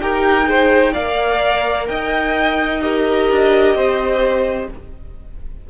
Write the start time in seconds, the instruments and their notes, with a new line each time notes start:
0.00 cello D#4, viola G4, violin A#4 G5
0.44 viola G#4, violin C5
0.93 cello A#3, viola A#4, violin D5 F5
1.87 cello D#4, violin D#5 G5
2.81 viola G4, violin A#4 D#5
3.30 cello D4
3.75 cello C4, violin C5